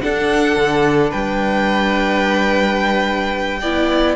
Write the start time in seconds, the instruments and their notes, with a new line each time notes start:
0.00 viola D4, cello D4, violin A4 F#5
0.56 cello D3
1.09 cello G3, violin B4 G5
3.60 cello B3, viola E4, violin D5